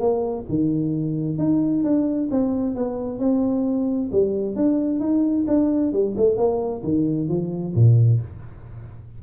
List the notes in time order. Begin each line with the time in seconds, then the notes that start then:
0.00 A#3
0.49 D#3
1.38 D#4
1.84 D4
2.31 C4
2.76 B3
3.19 C4
4.12 G3
4.56 D4
5.00 D#4
5.48 D4
5.93 G3
6.17 A3
6.37 A#3
6.84 D#3
7.29 F3
7.75 A#2